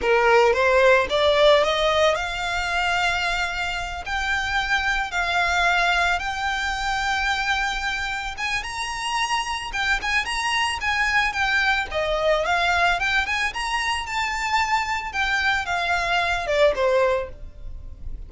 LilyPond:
\new Staff \with { instrumentName = "violin" } { \time 4/4 \tempo 4 = 111 ais'4 c''4 d''4 dis''4 | f''2.~ f''8 g''8~ | g''4. f''2 g''8~ | g''2.~ g''8 gis''8 |
ais''2 g''8 gis''8 ais''4 | gis''4 g''4 dis''4 f''4 | g''8 gis''8 ais''4 a''2 | g''4 f''4. d''8 c''4 | }